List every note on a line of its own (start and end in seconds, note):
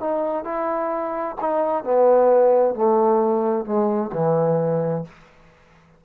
0.00 0.44 D#4
0.44 1.36 E4
1.41 1.84 D#4
1.84 2.74 B3
2.74 3.65 A3
3.65 4.11 G#3
4.12 5.04 E3